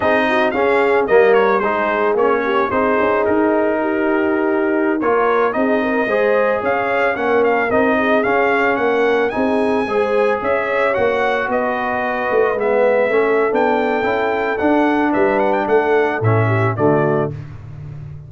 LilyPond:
<<
  \new Staff \with { instrumentName = "trumpet" } { \time 4/4 \tempo 4 = 111 dis''4 f''4 dis''8 cis''8 c''4 | cis''4 c''4 ais'2~ | ais'4~ ais'16 cis''4 dis''4.~ dis''16~ | dis''16 f''4 fis''8 f''8 dis''4 f''8.~ |
f''16 fis''4 gis''2 e''8.~ | e''16 fis''4 dis''2 e''8.~ | e''4 g''2 fis''4 | e''8 fis''16 g''16 fis''4 e''4 d''4 | }
  \new Staff \with { instrumentName = "horn" } { \time 4/4 gis'8 fis'8 gis'4 ais'4 gis'4~ | gis'8 g'8 gis'2 g'4~ | g'4~ g'16 ais'4 gis'8 ais'8 c''8.~ | c''16 cis''4 ais'4. gis'4~ gis'16~ |
gis'16 ais'4 gis'4 c''4 cis''8.~ | cis''4~ cis''16 b'2~ b'8.~ | b'8 a'2.~ a'8 | b'4 a'4. g'8 fis'4 | }
  \new Staff \with { instrumentName = "trombone" } { \time 4/4 dis'4 cis'4 ais4 dis'4 | cis'4 dis'2.~ | dis'4~ dis'16 f'4 dis'4 gis'8.~ | gis'4~ gis'16 cis'4 dis'4 cis'8.~ |
cis'4~ cis'16 dis'4 gis'4.~ gis'16~ | gis'16 fis'2. b8.~ | b16 cis'8. d'4 e'4 d'4~ | d'2 cis'4 a4 | }
  \new Staff \with { instrumentName = "tuba" } { \time 4/4 c'4 cis'4 g4 gis4 | ais4 c'8 cis'8 dis'2~ | dis'4~ dis'16 ais4 c'4 gis8.~ | gis16 cis'4 ais4 c'4 cis'8.~ |
cis'16 ais4 c'4 gis4 cis'8.~ | cis'16 ais4 b4. a8 gis8.~ | gis16 a8. b4 cis'4 d'4 | g4 a4 a,4 d4 | }
>>